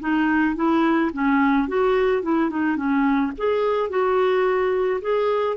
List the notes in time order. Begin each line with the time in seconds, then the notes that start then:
0.00 D#4
0.56 E4
1.13 C#4
1.68 F#4
2.22 E4
2.50 D#4
2.76 C#4
3.37 G#4
3.89 F#4
5.01 G#4